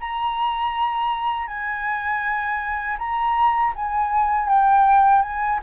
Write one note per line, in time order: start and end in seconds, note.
0.00 1.47 A#5
1.47 2.97 G#5
2.98 3.73 A#5
3.75 4.48 G#5
4.48 5.22 G5
5.22 5.59 G#5